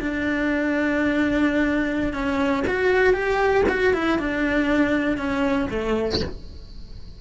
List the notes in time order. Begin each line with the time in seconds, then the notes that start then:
0.00 D4
2.13 C#4
2.67 F#4
3.14 G4
3.69 F#4
3.93 E4
4.19 D4
5.17 C#4
5.70 A3